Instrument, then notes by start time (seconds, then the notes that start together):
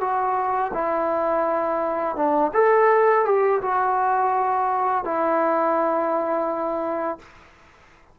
trombone
0.00 F#4
0.73 E4
2.16 D4
2.53 A4
3.25 G4
3.61 F#4
5.04 E4